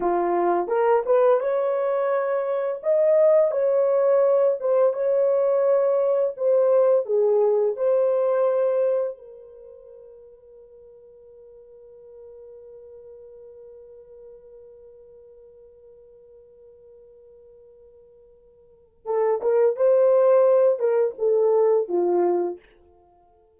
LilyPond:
\new Staff \with { instrumentName = "horn" } { \time 4/4 \tempo 4 = 85 f'4 ais'8 b'8 cis''2 | dis''4 cis''4. c''8 cis''4~ | cis''4 c''4 gis'4 c''4~ | c''4 ais'2.~ |
ais'1~ | ais'1~ | ais'2. a'8 ais'8 | c''4. ais'8 a'4 f'4 | }